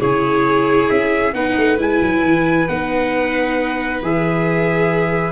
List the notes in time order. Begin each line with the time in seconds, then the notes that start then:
0.00 C#3 E4 G#4 C#5
0.89 C#4 E5
1.33 B3 D#4 B4 F#5
1.57 A3
1.78 G#3 E4 G#5
2.01 F#3
2.23 E3
2.68 B3 D#4 F#5
4.02 E3 G#4 E5